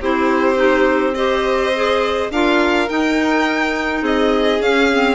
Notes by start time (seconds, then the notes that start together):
0.00 C4 E4 G4 C5
0.55 D#4
1.14 G4 C5 D#5
1.74 G#4
2.30 D4 F4 A#4 F5
2.88 D#4 G5
4.02 C4 G#4 D#5
4.60 C#4 F5
4.92 C4